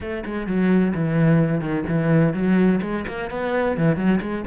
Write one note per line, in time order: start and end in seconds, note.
0.00 0.24 A3
0.25 0.46 G#3
0.46 0.93 F#3
0.94 1.60 E3
1.60 1.84 D#3
1.88 2.33 E3
2.33 2.80 F#3
2.81 3.05 G#3
3.07 3.30 A#3
3.30 3.77 B3
3.77 3.96 E3
3.96 4.20 F#3
4.21 4.44 G#3